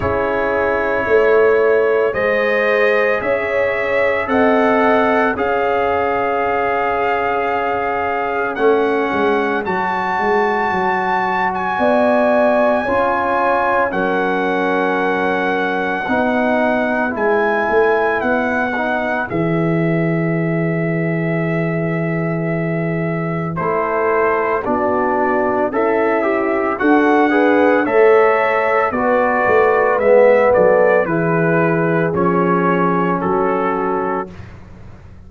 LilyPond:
<<
  \new Staff \with { instrumentName = "trumpet" } { \time 4/4 \tempo 4 = 56 cis''2 dis''4 e''4 | fis''4 f''2. | fis''4 a''4.~ a''16 gis''4~ gis''16~ | gis''4 fis''2. |
gis''4 fis''4 e''2~ | e''2 c''4 d''4 | e''4 fis''4 e''4 d''4 | e''8 d''8 b'4 cis''4 a'4 | }
  \new Staff \with { instrumentName = "horn" } { \time 4/4 gis'4 cis''4 c''4 cis''4 | dis''4 cis''2.~ | cis''2. d''4 | cis''4 ais'2 b'4~ |
b'1~ | b'2 a'4 fis'4 | e'4 a'8 b'8 cis''4 b'4~ | b'8 a'8 gis'2 fis'4 | }
  \new Staff \with { instrumentName = "trombone" } { \time 4/4 e'2 gis'2 | a'4 gis'2. | cis'4 fis'2. | f'4 cis'2 dis'4 |
e'4. dis'8 gis'2~ | gis'2 e'4 d'4 | a'8 g'8 fis'8 gis'8 a'4 fis'4 | b4 e'4 cis'2 | }
  \new Staff \with { instrumentName = "tuba" } { \time 4/4 cis'4 a4 gis4 cis'4 | c'4 cis'2. | a8 gis8 fis8 gis8 fis4 b4 | cis'4 fis2 b4 |
gis8 a8 b4 e2~ | e2 a4 b4 | cis'4 d'4 a4 b8 a8 | gis8 fis8 e4 f4 fis4 | }
>>